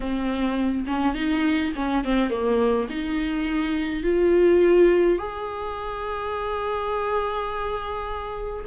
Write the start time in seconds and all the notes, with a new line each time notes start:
0.00 C4
0.87 C#4
1.14 D#4
1.75 C#4
2.04 C4
2.29 A#3
2.89 D#4
4.03 F4
5.18 G#4